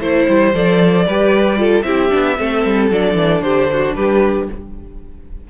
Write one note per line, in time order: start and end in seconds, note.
0.00 0.26 A3
0.00 0.54 E4
0.00 1.05 C5
0.00 0.55 C5
0.28 0.54 G3
0.54 1.07 F3
0.54 1.07 A4
0.54 1.82 D5
1.06 1.84 G3
1.06 1.57 G4
1.06 1.59 B4
1.57 1.83 F4
1.57 1.86 A4
1.82 2.10 C4
1.82 2.10 E4
1.82 2.39 G4
1.82 2.87 E5
2.10 2.39 B3
2.10 2.36 D4
2.39 2.65 A3
2.39 2.91 C4
2.39 3.44 A4
2.65 2.90 G3
2.90 3.15 F#3
2.90 4.50 D4
2.90 3.42 D5
3.15 3.41 E3
3.42 3.94 D3
3.42 3.71 G4
3.42 3.94 C5
3.73 3.96 F#4
3.95 4.49 G3
3.95 4.49 G4
3.95 4.48 B4